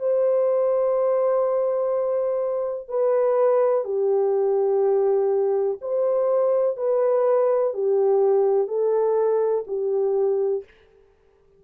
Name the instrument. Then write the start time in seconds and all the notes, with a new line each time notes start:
horn
0.00 C5
2.89 B4
3.85 G4
5.82 C5
6.77 B4
7.74 G4
8.68 A4
9.68 G4